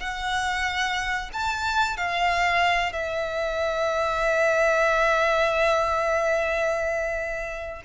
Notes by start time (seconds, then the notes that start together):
0.00 F#5
1.33 A5
1.97 F5
2.93 E5